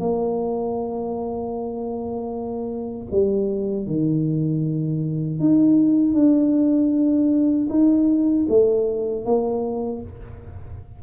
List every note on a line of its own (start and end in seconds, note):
0.00 3.08 A#3
3.12 3.87 G3
3.87 5.40 D#3
5.40 6.15 D#4
6.15 7.69 D4
7.70 8.47 D#4
8.49 9.26 A3
9.26 10.02 A#3